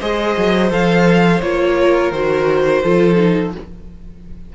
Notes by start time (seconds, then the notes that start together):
0.00 G#3 G#4 C5 D#5
0.37 F#3
0.70 F3 A4 F5
1.42 A#3 F4 C#5
1.82 A#4
2.11 D#3 F#4 C5
2.83 F3 F4 A4
3.16 D#4